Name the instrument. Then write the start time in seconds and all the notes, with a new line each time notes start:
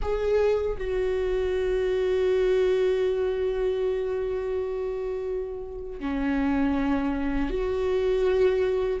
viola
0.02 G#4
0.77 F#4
6.00 C#4
7.50 F#4